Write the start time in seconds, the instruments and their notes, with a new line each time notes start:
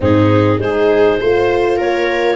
0.00 tuba G#2, horn C4, viola D#4, clarinet G#4
0.57 tuba G#3, horn D#4, viola G#4, clarinet C5
1.20 tuba A3, horn F4, viola C5
1.76 tuba A#3, viola A#4, clarinet C#5